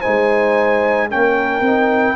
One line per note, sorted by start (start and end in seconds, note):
0.00 1.10 D#4
0.00 1.07 C5
0.00 1.08 G#5
0.07 1.14 G#3
1.10 1.61 A#3
1.10 1.63 C#4
1.10 2.17 A#4
1.10 2.17 G5
1.61 2.15 C4
1.61 2.17 D#4